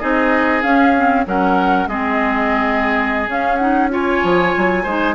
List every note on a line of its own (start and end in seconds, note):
0.00 0.64 C4
0.00 0.63 D#4
0.00 1.26 G#4
0.00 0.62 D#5
0.63 0.94 C#4
0.63 1.26 C#4
0.63 1.25 F5
0.97 1.26 C4
1.26 1.87 F#3
1.26 1.89 C#4
1.26 1.89 A#4
1.26 1.88 F#5
1.87 3.28 G#3
1.87 3.28 C4
1.87 3.92 G#4
1.87 3.29 D#5
3.28 4.21 C#4
3.28 3.59 C#4
3.28 3.57 F5
3.57 3.91 D#4
3.57 3.88 F#5
3.91 4.85 F4
3.91 4.84 C#5
3.91 5.15 G#5
4.24 4.55 F3
4.58 4.86 F#3
4.84 5.15 G#3
4.84 5.15 D#4
4.84 5.15 C5